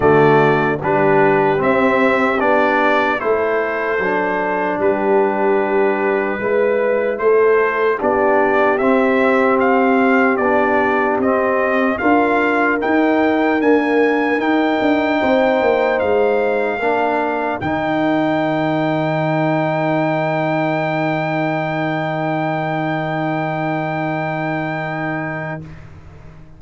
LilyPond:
<<
  \new Staff \with { instrumentName = "trumpet" } { \time 4/4 \tempo 4 = 75 d''4 b'4 e''4 d''4 | c''2 b'2~ | b'4 c''4 d''4 e''4 | f''4 d''4 dis''4 f''4 |
g''4 gis''4 g''2 | f''2 g''2~ | g''1~ | g''1 | }
  \new Staff \with { instrumentName = "horn" } { \time 4/4 fis'4 g'2. | a'2 g'2 | b'4 a'4 g'2~ | g'2. ais'4~ |
ais'2. c''4~ | c''4 ais'2.~ | ais'1~ | ais'1 | }
  \new Staff \with { instrumentName = "trombone" } { \time 4/4 a4 d'4 c'4 d'4 | e'4 d'2. | e'2 d'4 c'4~ | c'4 d'4 c'4 f'4 |
dis'4 ais4 dis'2~ | dis'4 d'4 dis'2~ | dis'1~ | dis'1 | }
  \new Staff \with { instrumentName = "tuba" } { \time 4/4 d4 g4 c'4 b4 | a4 fis4 g2 | gis4 a4 b4 c'4~ | c'4 b4 c'4 d'4 |
dis'4 d'4 dis'8 d'8 c'8 ais8 | gis4 ais4 dis2~ | dis1~ | dis1 | }
>>